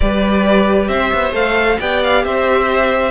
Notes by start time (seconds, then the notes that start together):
0.00 G3 G4 B4 D5
0.88 C4 C5 E5
1.13 B3
1.32 A3 A4 F5
1.79 B3 G4 D5 G5
2.03 F5
2.24 C4 C5 E5